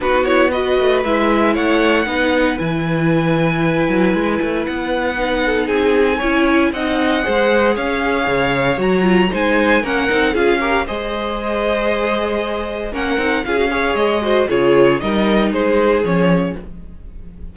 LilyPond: <<
  \new Staff \with { instrumentName = "violin" } { \time 4/4 \tempo 4 = 116 b'8 cis''8 dis''4 e''4 fis''4~ | fis''4 gis''2.~ | gis''4 fis''2 gis''4~ | gis''4 fis''2 f''4~ |
f''4 ais''4 gis''4 fis''4 | f''4 dis''2.~ | dis''4 fis''4 f''4 dis''4 | cis''4 dis''4 c''4 cis''4 | }
  \new Staff \with { instrumentName = "violin" } { \time 4/4 fis'4 b'2 cis''4 | b'1~ | b'2~ b'8 a'8 gis'4 | cis''4 dis''4 c''4 cis''4~ |
cis''2 c''4 ais'4 | gis'8 ais'8 c''2.~ | c''4 ais'4 gis'8 cis''4 c''8 | gis'4 ais'4 gis'2 | }
  \new Staff \with { instrumentName = "viola" } { \time 4/4 dis'8 e'8 fis'4 e'2 | dis'4 e'2.~ | e'2 dis'2 | e'4 dis'4 gis'2~ |
gis'4 fis'8 f'8 dis'4 cis'8 dis'8 | f'8 g'8 gis'2.~ | gis'4 cis'8 dis'8 f'16 fis'16 gis'4 fis'8 | f'4 dis'2 cis'4 | }
  \new Staff \with { instrumentName = "cello" } { \time 4/4 b4. a8 gis4 a4 | b4 e2~ e8 fis8 | gis8 a8 b2 c'4 | cis'4 c'4 gis4 cis'4 |
cis4 fis4 gis4 ais8 c'8 | cis'4 gis2.~ | gis4 ais8 c'8 cis'4 gis4 | cis4 g4 gis4 f4 | }
>>